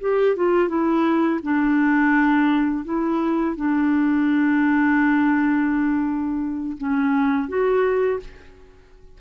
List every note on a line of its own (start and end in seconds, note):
0.00 0.36 G4
0.36 0.68 F4
0.68 1.40 E4
1.43 2.84 D4
2.84 3.56 E4
3.56 6.77 D4
6.77 7.48 C#4
7.48 8.19 F#4